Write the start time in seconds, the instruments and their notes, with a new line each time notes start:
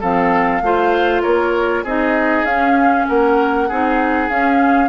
0.00 bassoon F3, clarinet C4, oboe A4, flute F5
0.61 bassoon A3, clarinet F4, oboe C5
1.22 bassoon A#3, oboe A#4, flute C#5
1.84 bassoon C4, clarinet D#4, oboe G#4, flute D#5
2.44 bassoon C#4, clarinet C#4, flute F5
3.08 bassoon A#3, oboe A#4, flute F#5
3.68 bassoon C4, clarinet D#4, oboe G#4
4.29 bassoon C#4, clarinet C#4, flute F5